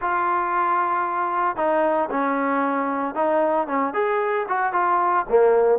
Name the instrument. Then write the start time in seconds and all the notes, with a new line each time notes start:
trombone
0.01 F4
1.56 D#4
2.10 C#4
3.14 D#4
3.67 C#4
3.93 G#4
4.48 F#4
4.72 F4
5.29 A#3